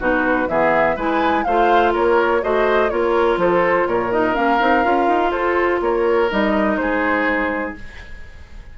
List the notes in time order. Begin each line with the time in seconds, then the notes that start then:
0.00 B2 D#4 F#4 B4
0.49 E3 B3 G#4 E5
0.96 G#3 E4 B4 G#5
1.44 A3 F4 C5 F5
1.93 A#3 A#4 C#5
2.42 A3 F#4 C5 D#5
2.90 A#3 F4 A#4 C#5
3.37 F3 A4 C5
3.87 A#2 A#4 C#5
4.11 D#4 D#5
4.34 A#3 C#4 F5
4.60 C4 D#4
4.84 C#4 F4
5.08 D#4
5.32 F4 A4 C5
5.81 A#3 A#4 C#5
6.31 G3 D#4 D#5
6.77 G#3 G#4 C5